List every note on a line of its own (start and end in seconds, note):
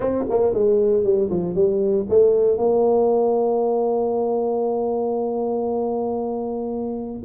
0.00 0.24 C4
0.29 0.53 A#3
0.53 1.03 G#3
1.03 1.29 G3
1.30 1.54 F3
1.54 2.06 G3
2.09 2.57 A3
2.57 7.22 A#3